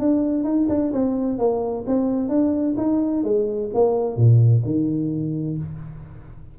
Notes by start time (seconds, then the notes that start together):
0.00 D4
0.45 D#4
0.69 D4
0.93 C4
1.39 A#3
1.87 C4
2.29 D4
2.78 D#4
3.24 G#3
3.74 A#3
4.17 A#2
4.65 D#3